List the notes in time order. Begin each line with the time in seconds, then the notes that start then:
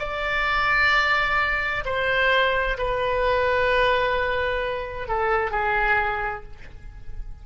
0.00 D5
1.85 C5
2.79 B4
5.09 A4
5.51 G#4